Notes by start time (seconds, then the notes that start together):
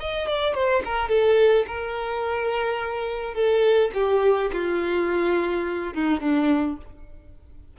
0.00 D#5
0.28 D5
0.54 C5
0.85 A#4
1.09 A4
1.67 A#4
3.34 A4
3.94 G4
4.53 F4
5.94 D#4
6.20 D4